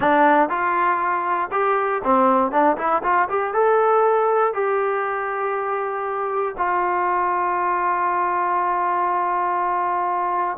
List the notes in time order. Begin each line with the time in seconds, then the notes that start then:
0.00 D4
0.49 F4
1.51 G4
2.04 C4
2.51 D4
2.77 E4
3.03 F4
3.29 G4
3.53 A4
4.53 G4
6.57 F4